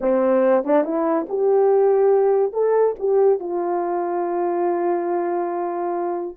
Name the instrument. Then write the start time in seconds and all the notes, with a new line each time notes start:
horn
0.00 C4
0.64 D4
0.83 E4
1.28 G4
2.52 A4
2.99 G4
3.39 F4